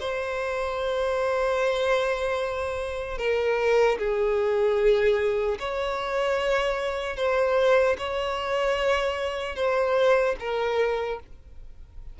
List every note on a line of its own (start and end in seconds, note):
0.00 3.18 C5
3.18 3.98 A#4
3.98 5.58 G#4
5.59 7.16 C#5
7.16 7.96 C5
7.98 9.55 C#5
9.55 10.35 C5
10.39 11.19 A#4